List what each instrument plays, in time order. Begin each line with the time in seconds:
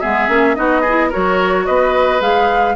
0.00 bassoon G#3, clarinet B3, oboe G#4, flute E5
0.28 bassoon A#3, clarinet C#4
0.55 bassoon B3, clarinet D#4, oboe F#4, flute D#5
0.81 oboe G#4
0.88 clarinet E4
1.09 clarinet F#4, oboe A#4, flute C#5
1.15 bassoon F#3
1.66 bassoon B3, oboe B4, flute D#5
2.20 bassoon G#3, clarinet G#4, flute F5